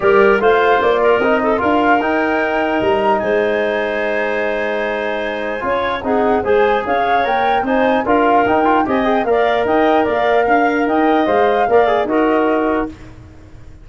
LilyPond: <<
  \new Staff \with { instrumentName = "flute" } { \time 4/4 \tempo 4 = 149 d''4 f''4 d''4 dis''4 | f''4 g''2 ais''4 | gis''1~ | gis''2. fis''4 |
gis''4 f''4 g''4 gis''4 | f''4 g''4 gis''8 g''8 f''4 | g''4 f''2 g''4 | f''2 dis''2 | }
  \new Staff \with { instrumentName = "clarinet" } { \time 4/4 ais'4 c''4. ais'4 a'8 | ais'1 | c''1~ | c''2 cis''4 gis'4 |
c''4 cis''2 c''4 | ais'2 dis''4 d''4 | dis''4 d''4 f''4 dis''4~ | dis''4 d''4 ais'2 | }
  \new Staff \with { instrumentName = "trombone" } { \time 4/4 g'4 f'2 dis'4 | f'4 dis'2.~ | dis'1~ | dis'2 f'4 dis'4 |
gis'2 ais'4 dis'4 | f'4 dis'8 f'8 g'8 gis'8 ais'4~ | ais'1 | c''4 ais'8 gis'8 fis'2 | }
  \new Staff \with { instrumentName = "tuba" } { \time 4/4 g4 a4 ais4 c'4 | d'4 dis'2 g4 | gis1~ | gis2 cis'4 c'4 |
gis4 cis'4 ais4 c'4 | d'4 dis'4 c'4 ais4 | dis'4 ais4 d'4 dis'4 | gis4 ais4 dis'2 | }
>>